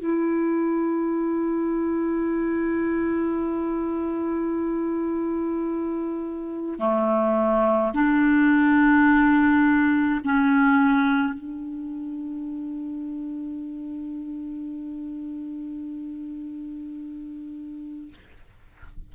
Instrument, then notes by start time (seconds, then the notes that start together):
clarinet
0.00 E4
6.79 A3
7.94 D4
10.25 C#4
11.34 D4